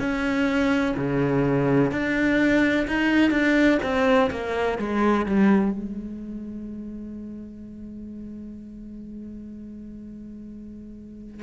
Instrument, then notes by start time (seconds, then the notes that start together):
cello
0.00 C#4
0.97 C#3
1.91 D4
2.87 D#4
3.31 D4
3.83 C4
4.31 A#3
4.78 G#3
5.26 G3
5.72 G#3